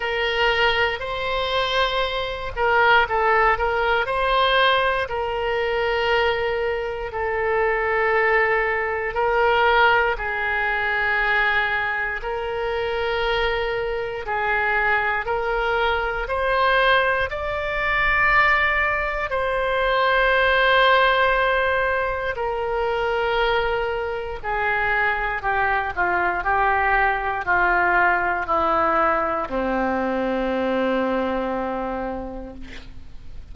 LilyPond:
\new Staff \with { instrumentName = "oboe" } { \time 4/4 \tempo 4 = 59 ais'4 c''4. ais'8 a'8 ais'8 | c''4 ais'2 a'4~ | a'4 ais'4 gis'2 | ais'2 gis'4 ais'4 |
c''4 d''2 c''4~ | c''2 ais'2 | gis'4 g'8 f'8 g'4 f'4 | e'4 c'2. | }